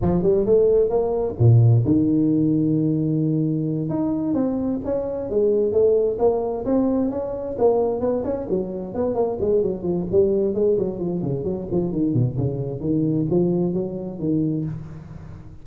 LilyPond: \new Staff \with { instrumentName = "tuba" } { \time 4/4 \tempo 4 = 131 f8 g8 a4 ais4 ais,4 | dis1~ | dis8 dis'4 c'4 cis'4 gis8~ | gis8 a4 ais4 c'4 cis'8~ |
cis'8 ais4 b8 cis'8 fis4 b8 | ais8 gis8 fis8 f8 g4 gis8 fis8 | f8 cis8 fis8 f8 dis8 b,8 cis4 | dis4 f4 fis4 dis4 | }